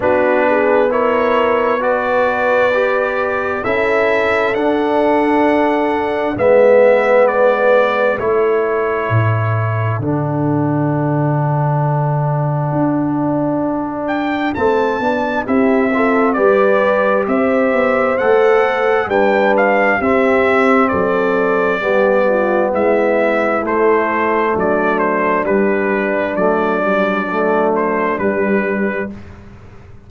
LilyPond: <<
  \new Staff \with { instrumentName = "trumpet" } { \time 4/4 \tempo 4 = 66 b'4 cis''4 d''2 | e''4 fis''2 e''4 | d''4 cis''2 fis''4~ | fis''2.~ fis''8 g''8 |
a''4 e''4 d''4 e''4 | fis''4 g''8 f''8 e''4 d''4~ | d''4 e''4 c''4 d''8 c''8 | b'4 d''4. c''8 b'4 | }
  \new Staff \with { instrumentName = "horn" } { \time 4/4 fis'8 gis'8 ais'4 b'2 | a'2. b'4~ | b'4 a'2.~ | a'1~ |
a'4 g'8 a'8 b'4 c''4~ | c''4 b'4 g'4 a'4 | g'8 f'8 e'2 d'4~ | d'1 | }
  \new Staff \with { instrumentName = "trombone" } { \time 4/4 d'4 e'4 fis'4 g'4 | e'4 d'2 b4~ | b4 e'2 d'4~ | d'1 |
c'8 d'8 e'8 f'8 g'2 | a'4 d'4 c'2 | b2 a2 | g4 a8 g8 a4 g4 | }
  \new Staff \with { instrumentName = "tuba" } { \time 4/4 b1 | cis'4 d'2 gis4~ | gis4 a4 a,4 d4~ | d2 d'2 |
a8 b8 c'4 g4 c'8 b8 | a4 g4 c'4 fis4 | g4 gis4 a4 fis4 | g4 fis2 g4 | }
>>